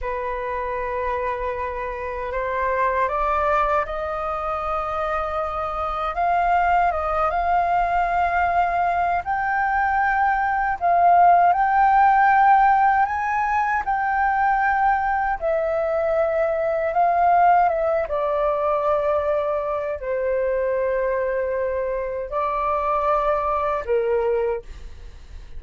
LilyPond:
\new Staff \with { instrumentName = "flute" } { \time 4/4 \tempo 4 = 78 b'2. c''4 | d''4 dis''2. | f''4 dis''8 f''2~ f''8 | g''2 f''4 g''4~ |
g''4 gis''4 g''2 | e''2 f''4 e''8 d''8~ | d''2 c''2~ | c''4 d''2 ais'4 | }